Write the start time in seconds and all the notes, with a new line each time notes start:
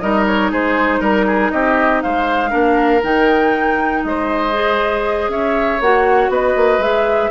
0.00 G3 D#4 A#4 D#5
0.27 C#5
0.51 G#3 G#4 C5
1.00 G3 A#4
1.26 G#4
1.51 C4 G4 D#5
2.02 G#3 C5 F5
2.50 A#3 D4 A#4
3.03 D#3 D#4 G5
4.04 G#3 C5 D#5
4.53 G#4
5.29 C#4 C#5 E5
5.81 A#3 F#4 F#5
6.29 B3 B4 D#5
6.56 A#3
6.79 G#3 G#4 E5